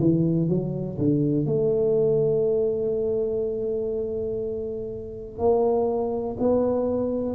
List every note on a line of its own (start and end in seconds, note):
0.00 0.49 E3
0.49 0.98 F#3
0.98 1.46 D3
1.46 5.39 A3
5.39 6.37 A#3
6.40 7.35 B3